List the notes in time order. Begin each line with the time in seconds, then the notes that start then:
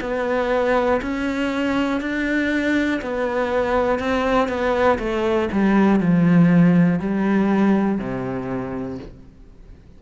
0.00 B3
1.01 C#4
2.00 D4
3.01 B3
3.99 C4
4.48 B3
4.99 A3
5.52 G3
6.00 F3
7.00 G3
7.98 C3